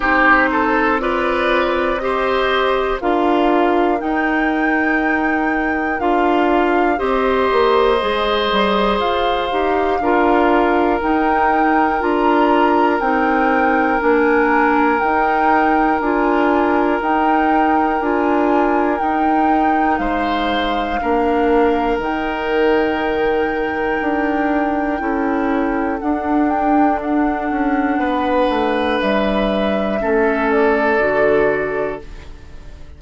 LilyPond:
<<
  \new Staff \with { instrumentName = "flute" } { \time 4/4 \tempo 4 = 60 c''4 d''4 dis''4 f''4 | g''2 f''4 dis''4~ | dis''4 f''2 g''4 | ais''4 g''4 gis''4 g''4 |
gis''4 g''4 gis''4 g''4 | f''2 g''2~ | g''2 fis''8 g''8 fis''4~ | fis''4 e''4. d''4. | }
  \new Staff \with { instrumentName = "oboe" } { \time 4/4 g'8 a'8 b'4 c''4 ais'4~ | ais'2. c''4~ | c''2 ais'2~ | ais'1~ |
ais'1 | c''4 ais'2.~ | ais'4 a'2. | b'2 a'2 | }
  \new Staff \with { instrumentName = "clarinet" } { \time 4/4 dis'4 f'4 g'4 f'4 | dis'2 f'4 g'4 | gis'4. g'8 f'4 dis'4 | f'4 dis'4 d'4 dis'4 |
f'4 dis'4 f'4 dis'4~ | dis'4 d'4 dis'2~ | dis'4 e'4 d'2~ | d'2 cis'4 fis'4 | }
  \new Staff \with { instrumentName = "bassoon" } { \time 4/4 c'2. d'4 | dis'2 d'4 c'8 ais8 | gis8 g8 f'8 dis'8 d'4 dis'4 | d'4 c'4 ais4 dis'4 |
d'4 dis'4 d'4 dis'4 | gis4 ais4 dis2 | d'4 cis'4 d'4. cis'8 | b8 a8 g4 a4 d4 | }
>>